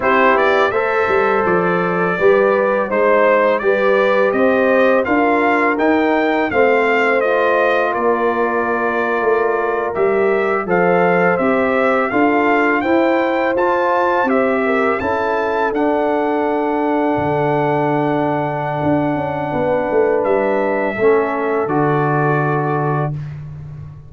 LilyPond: <<
  \new Staff \with { instrumentName = "trumpet" } { \time 4/4 \tempo 4 = 83 c''8 d''8 e''4 d''2 | c''4 d''4 dis''4 f''4 | g''4 f''4 dis''4 d''4~ | d''4.~ d''16 e''4 f''4 e''16~ |
e''8. f''4 g''4 a''4 e''16~ | e''8. a''4 fis''2~ fis''16~ | fis''1 | e''2 d''2 | }
  \new Staff \with { instrumentName = "horn" } { \time 4/4 g'4 c''2 b'4 | c''4 b'4 c''4 ais'4~ | ais'4 c''2 ais'4~ | ais'2~ ais'8. c''4~ c''16~ |
c''8. a'4 c''2~ c''16~ | c''16 ais'8 a'2.~ a'16~ | a'2. b'4~ | b'4 a'2. | }
  \new Staff \with { instrumentName = "trombone" } { \time 4/4 e'4 a'2 g'4 | dis'4 g'2 f'4 | dis'4 c'4 f'2~ | f'4.~ f'16 g'4 a'4 g'16~ |
g'8. f'4 e'4 f'4 g'16~ | g'8. e'4 d'2~ d'16~ | d'1~ | d'4 cis'4 fis'2 | }
  \new Staff \with { instrumentName = "tuba" } { \time 4/4 c'8 b8 a8 g8 f4 g4 | gis4 g4 c'4 d'4 | dis'4 a2 ais4~ | ais8. a4 g4 f4 c'16~ |
c'8. d'4 e'4 f'4 c'16~ | c'8. cis'4 d'2 d16~ | d2 d'8 cis'8 b8 a8 | g4 a4 d2 | }
>>